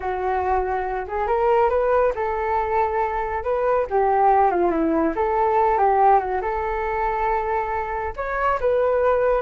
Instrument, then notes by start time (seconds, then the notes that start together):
flute
0.00 F#4
1.07 G#4
1.27 A#4
1.69 B4
2.15 A4
3.43 B4
3.90 G4
4.51 F4
4.70 E4
5.15 A4
5.78 G4
6.19 F#4
6.41 A4
8.16 C#5
8.60 B4